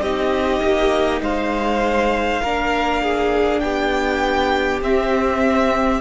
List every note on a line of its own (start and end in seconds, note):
0.00 0.60 C4
0.00 2.44 D#4
0.00 1.22 G4
0.00 1.22 D#5
0.62 1.21 A#3
1.21 2.41 G#3
1.21 2.42 C5
1.21 3.60 F5
2.42 3.62 A#3
2.42 4.83 D4
2.42 3.02 A#4
3.02 3.62 G#4
3.60 4.81 B3
3.60 6.01 G4
3.60 4.80 G5
4.81 6.01 C4
4.81 6.01 E5